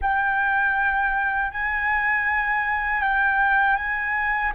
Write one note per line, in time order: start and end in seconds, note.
0.01 1.51 G5
1.51 3.01 G#5
3.01 3.76 G5
3.76 4.52 G#5